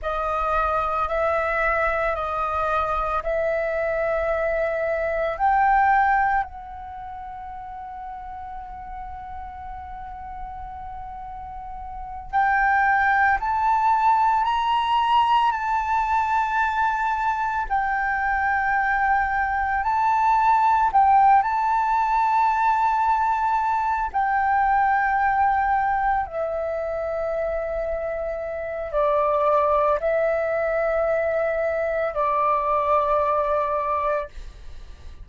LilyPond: \new Staff \with { instrumentName = "flute" } { \time 4/4 \tempo 4 = 56 dis''4 e''4 dis''4 e''4~ | e''4 g''4 fis''2~ | fis''2.~ fis''8 g''8~ | g''8 a''4 ais''4 a''4.~ |
a''8 g''2 a''4 g''8 | a''2~ a''8 g''4.~ | g''8 e''2~ e''8 d''4 | e''2 d''2 | }